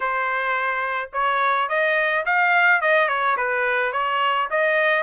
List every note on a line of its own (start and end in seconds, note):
0.00 1.10 C5
1.12 1.68 C#5
1.68 2.25 D#5
2.25 2.81 F5
2.81 3.08 D#5
3.08 3.36 C#5
3.36 3.92 B4
3.92 4.48 C#5
4.50 5.03 D#5